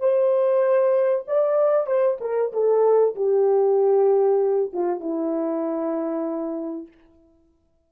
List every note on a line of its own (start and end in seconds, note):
0.00 1.25 C5
1.28 1.87 D5
1.87 2.18 C5
2.21 2.52 A#4
2.53 3.15 A4
3.15 4.72 G4
4.73 5.00 F4
5.00 6.88 E4